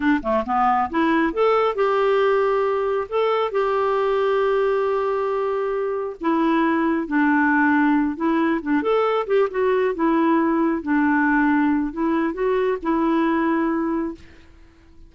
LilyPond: \new Staff \with { instrumentName = "clarinet" } { \time 4/4 \tempo 4 = 136 d'8 a8 b4 e'4 a'4 | g'2. a'4 | g'1~ | g'2 e'2 |
d'2~ d'8 e'4 d'8 | a'4 g'8 fis'4 e'4.~ | e'8 d'2~ d'8 e'4 | fis'4 e'2. | }